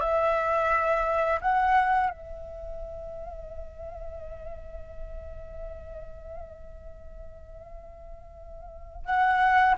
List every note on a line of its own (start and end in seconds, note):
0.00 1.40 E5
1.41 2.10 F#5
2.10 9.05 E5
9.05 9.75 F#5